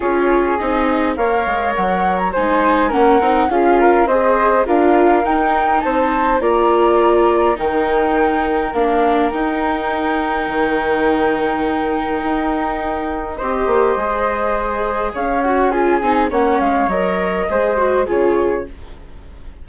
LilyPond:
<<
  \new Staff \with { instrumentName = "flute" } { \time 4/4 \tempo 4 = 103 cis''4 dis''4 f''4 fis''8. ais''16 | gis''4 fis''4 f''4 dis''4 | f''4 g''4 a''4 ais''4~ | ais''4 g''2 f''4 |
g''1~ | g''2. dis''4~ | dis''2 f''8 fis''8 gis''4 | fis''8 f''8 dis''2 cis''4 | }
  \new Staff \with { instrumentName = "flute" } { \time 4/4 gis'2 cis''2 | c''4 ais'4 gis'8 ais'8 c''4 | ais'2 c''4 d''4~ | d''4 ais'2.~ |
ais'1~ | ais'2. c''4~ | c''2 cis''4 gis'4 | cis''2 c''4 gis'4 | }
  \new Staff \with { instrumentName = "viola" } { \time 4/4 f'4 dis'4 ais'2 | dis'4 cis'8 dis'8 f'4 gis'4 | f'4 dis'2 f'4~ | f'4 dis'2 d'4 |
dis'1~ | dis'2. g'4 | gis'2~ gis'8 fis'8 f'8 dis'8 | cis'4 ais'4 gis'8 fis'8 f'4 | }
  \new Staff \with { instrumentName = "bassoon" } { \time 4/4 cis'4 c'4 ais8 gis8 fis4 | gis4 ais8 c'8 cis'4 c'4 | d'4 dis'4 c'4 ais4~ | ais4 dis2 ais4 |
dis'2 dis2~ | dis4 dis'2 c'8 ais8 | gis2 cis'4. c'8 | ais8 gis8 fis4 gis4 cis4 | }
>>